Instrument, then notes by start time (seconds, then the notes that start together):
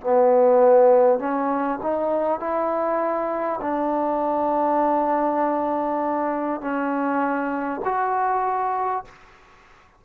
trombone
0.00 B3
1.19 C#4
1.82 D#4
2.39 E4
3.61 D4
6.61 C#4
7.84 F#4